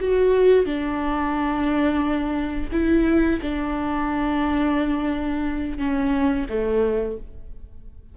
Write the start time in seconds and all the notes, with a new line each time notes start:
0.00 F#4
0.65 D4
2.72 E4
3.42 D4
5.78 C#4
6.49 A3